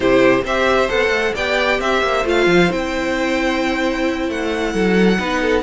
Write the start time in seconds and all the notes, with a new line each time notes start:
0.00 C3 E4 G4 C5
0.43 C4 G4 C5 E5
0.88 B3 A4 F#5
1.08 A3
1.34 B3 G4 D5 G5
1.79 C4 C5 E5
2.02 A#3
2.24 A3 F4 F5
2.46 F3
2.70 C4 E4 G5
4.28 A3 F#5
4.73 F#3 A4
5.18 B3 D#4 B4
5.41 A4